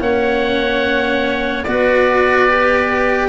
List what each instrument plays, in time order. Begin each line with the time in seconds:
0.00 tuba A#3, cello C#4, clarinet C#5, oboe F#5
1.64 tuba B3, cello F#4, clarinet B4, oboe D5
2.48 cello G4